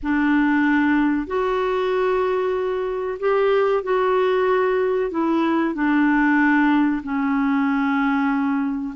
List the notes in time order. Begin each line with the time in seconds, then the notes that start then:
0.02 D4
1.26 F#4
3.19 G4
3.83 F#4
5.10 E4
5.74 D4
7.03 C#4